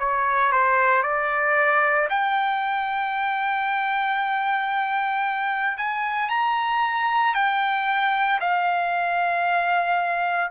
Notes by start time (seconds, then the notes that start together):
0.00 C#5
0.52 C5
1.03 D5
2.10 G5
5.78 G#5
6.30 A#5
7.35 G5
8.41 F5